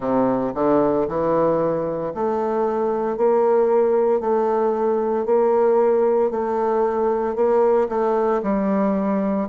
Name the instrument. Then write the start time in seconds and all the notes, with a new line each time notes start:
bassoon
0.00 C3
0.54 D3
1.08 E3
2.14 A3
3.17 A#3
4.20 A3
5.25 A#3
6.31 A3
7.35 A#3
7.89 A3
8.43 G3